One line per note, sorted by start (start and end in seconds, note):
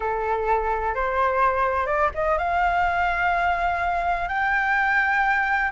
0.00 0.94 A4
0.94 1.86 C5
1.86 2.10 D5
2.14 2.38 D#5
2.38 4.28 F5
4.28 5.71 G5